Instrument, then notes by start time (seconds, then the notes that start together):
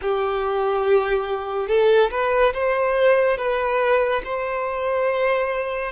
violin
0.01 G4
1.68 A4
2.10 B4
2.54 C5
3.37 B4
4.24 C5